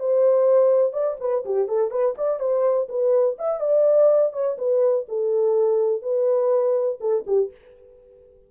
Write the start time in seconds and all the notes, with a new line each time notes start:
0.00 C5
0.93 D5
1.21 B4
1.46 G4
1.68 A4
1.91 B4
2.18 D5
2.40 C5
2.89 B4
3.39 E5
3.60 D5
4.33 C#5
4.59 B4
5.09 A4
6.02 B4
7.01 A4
7.27 G4